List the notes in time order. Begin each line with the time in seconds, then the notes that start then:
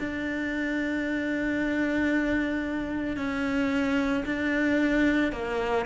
0.00 D4
3.17 C#4
4.26 D4
5.33 A#3